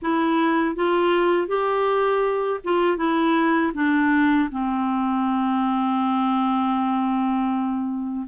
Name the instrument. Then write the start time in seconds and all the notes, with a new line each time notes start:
clarinet
0.02 E4
0.75 F4
1.47 G4
2.64 F4
2.97 E4
3.74 D4
4.51 C4